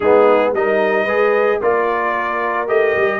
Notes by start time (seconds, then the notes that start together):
0.00 G#3 B3 D#4 G#4
0.53 G3 D#4 A#4 D#5
1.04 G#3 G#4 B4
1.60 A#3 F4 A#4 D5
2.67 A3 G4 D#5
2.96 G3